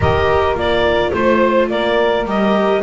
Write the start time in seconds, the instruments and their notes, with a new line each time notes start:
0.00 double bass D#3, viola G4, saxophone A#4, clarinet D#5
0.54 double bass A#3, viola F4, clarinet D5
1.12 double bass A3, clarinet C5, saxophone C5
1.69 double bass A#3, saxophone A#4, clarinet D5
2.25 double bass G3, viola G4, clarinet D#5